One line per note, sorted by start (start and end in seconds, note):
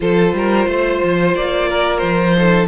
0.00 0.33 F3
0.00 2.36 F4
0.00 0.34 A4
0.00 1.35 C5
0.33 0.66 G3
0.33 0.68 A#4
0.67 1.00 A3
0.67 1.69 C5
1.04 1.34 F3
1.34 2.02 A#3
1.34 1.98 D5
1.69 2.36 A#4
1.98 2.67 F3
1.98 2.65 C5
2.36 2.67 D#4
2.36 2.67 A4